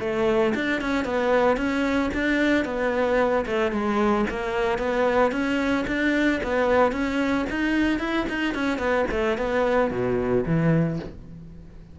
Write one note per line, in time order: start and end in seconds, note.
0.00 0.54 A3
0.55 0.81 D4
0.81 1.04 C#4
1.04 1.57 B3
1.57 2.10 C#4
2.14 2.65 D4
2.65 3.45 B3
3.46 3.72 A3
3.72 4.25 G#3
4.30 4.78 A#3
4.78 5.32 B3
5.32 5.85 C#4
5.87 6.40 D4
6.43 6.92 B3
6.92 7.45 C#4
7.50 7.99 D#4
7.99 8.26 E4
8.29 8.54 D#4
8.54 8.78 C#4
8.78 9.05 B3
9.11 9.37 A3
9.37 9.91 B3
9.91 10.44 B2
10.46 10.99 E3